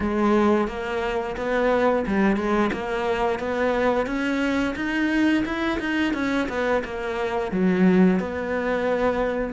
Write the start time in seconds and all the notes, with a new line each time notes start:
0.00 G#3
0.67 A#3
1.36 B3
2.06 G3
2.36 G#3
2.73 A#3
3.39 B3
4.06 C#4
4.75 D#4
5.45 E4
5.79 D#4
6.13 C#4
6.48 B3
6.84 A#3
7.51 F#3
8.19 B3